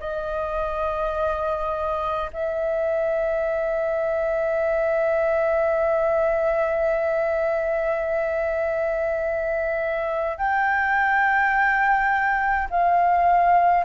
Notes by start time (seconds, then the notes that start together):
0.00 D#5
2.33 E5
10.37 G5
12.70 F5